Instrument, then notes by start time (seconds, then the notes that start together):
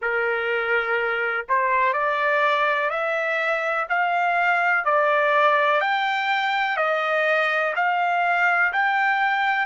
trumpet
0.01 A#4
1.48 C5
1.93 D5
2.89 E5
3.89 F5
4.84 D5
5.80 G5
6.77 D#5
7.75 F5
8.72 G5